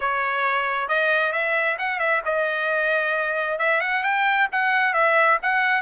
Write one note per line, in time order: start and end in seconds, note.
0.00 0.88 C#5
0.88 1.32 D#5
1.32 1.77 E5
1.78 1.99 F#5
1.99 2.21 E5
2.25 3.58 D#5
3.58 3.81 E5
3.81 4.03 F#5
4.03 4.48 G5
4.52 4.93 F#5
4.93 5.38 E5
5.42 5.81 F#5